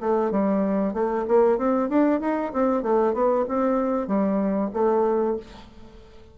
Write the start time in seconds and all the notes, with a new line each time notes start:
0.00 A3
0.31 G3
0.93 A3
1.28 A#3
1.58 C4
1.89 D4
2.20 D#4
2.53 C4
2.83 A3
3.13 B3
3.48 C4
4.07 G3
4.73 A3